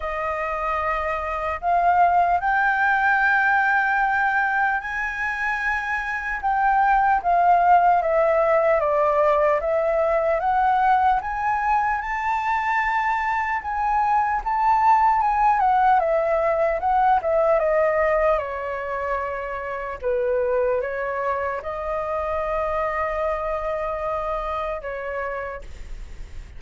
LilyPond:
\new Staff \with { instrumentName = "flute" } { \time 4/4 \tempo 4 = 75 dis''2 f''4 g''4~ | g''2 gis''2 | g''4 f''4 e''4 d''4 | e''4 fis''4 gis''4 a''4~ |
a''4 gis''4 a''4 gis''8 fis''8 | e''4 fis''8 e''8 dis''4 cis''4~ | cis''4 b'4 cis''4 dis''4~ | dis''2. cis''4 | }